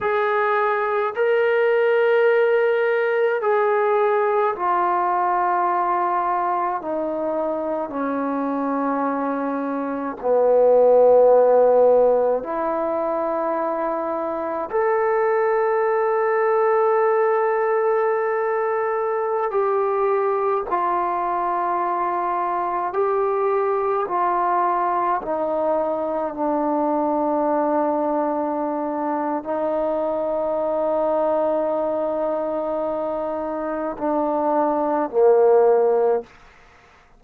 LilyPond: \new Staff \with { instrumentName = "trombone" } { \time 4/4 \tempo 4 = 53 gis'4 ais'2 gis'4 | f'2 dis'4 cis'4~ | cis'4 b2 e'4~ | e'4 a'2.~ |
a'4~ a'16 g'4 f'4.~ f'16~ | f'16 g'4 f'4 dis'4 d'8.~ | d'2 dis'2~ | dis'2 d'4 ais4 | }